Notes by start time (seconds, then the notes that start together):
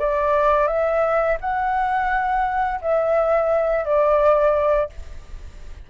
0.00 D5
0.68 E5
1.41 F#5
2.82 E5
3.85 D5